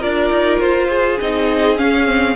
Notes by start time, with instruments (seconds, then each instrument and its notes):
0.00 cello D4, viola F4, violin A#4 D5
0.31 cello D#4
0.60 cello F4, violin C5
0.89 violin G#4
1.21 cello C4, viola D#4, violin D#5
1.77 viola C#4, cello C#4, violin F5
2.06 viola C4